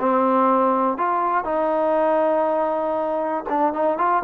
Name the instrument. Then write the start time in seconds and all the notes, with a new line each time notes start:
trombone
0.00 C4
0.98 F4
1.45 D#4
3.49 D4
3.74 D#4
3.98 F4